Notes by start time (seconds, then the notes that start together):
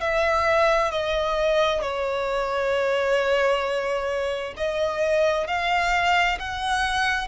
0.00 E5
0.91 D#5
1.81 C#5
4.57 D#5
5.47 F5
6.39 F#5